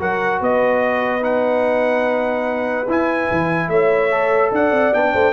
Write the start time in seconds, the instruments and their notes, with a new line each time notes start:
0.00 tuba F#3, trombone F#4, horn A#4, trumpet F#5
0.41 tuba B3, horn B4, trumpet D#5
1.22 trombone D#4, trumpet F#5
2.88 tuba E4, trombone E4, trumpet G#5
3.31 tuba E3
3.69 tuba A3, horn C#5, trumpet E5
4.12 trombone A4
4.52 tuba D4, horn D5, trumpet F#5
4.72 tuba C4
4.93 tuba B3, trombone D4, trumpet G5
5.13 tuba A3, horn C5